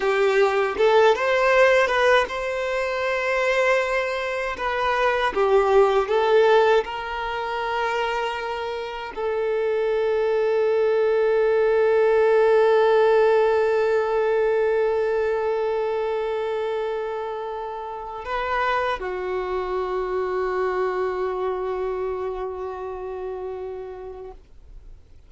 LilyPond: \new Staff \with { instrumentName = "violin" } { \time 4/4 \tempo 4 = 79 g'4 a'8 c''4 b'8 c''4~ | c''2 b'4 g'4 | a'4 ais'2. | a'1~ |
a'1~ | a'1 | b'4 fis'2.~ | fis'1 | }